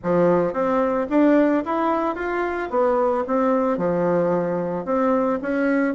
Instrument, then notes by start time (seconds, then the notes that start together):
bassoon
0.03 F3
0.53 C4
1.09 D4
1.65 E4
2.15 F4
2.70 B3
3.27 C4
3.77 F3
4.85 C4
5.42 C#4